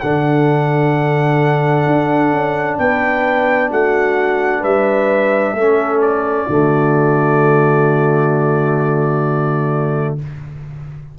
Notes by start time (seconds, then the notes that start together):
0.00 D3 D4 A4 F#5
1.86 D4
2.32 C#4
2.78 B3 B4 G5
3.70 A3 F#4 F#5
4.61 G3 B4 E5
5.53 A3 C#4 A4
6.01 D5
6.49 D3 A3 F#4